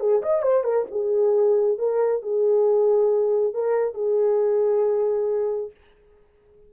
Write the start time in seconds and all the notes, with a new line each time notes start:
0.00 G#4
0.23 D#5
0.43 C5
0.64 A#4
0.91 G#4
1.78 A#4
2.23 G#4
3.54 A#4
3.95 G#4